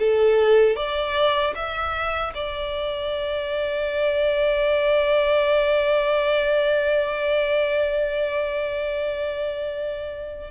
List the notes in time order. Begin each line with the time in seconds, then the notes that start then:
0.00 A4
0.77 D5
1.56 E5
2.35 D5